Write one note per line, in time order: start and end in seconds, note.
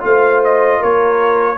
0.00 0.81 A3
0.00 1.56 F4
0.00 0.79 C5
0.00 0.43 F5
0.44 0.83 D#5
0.79 1.58 A#3
0.79 1.57 A#4
0.79 1.58 C#5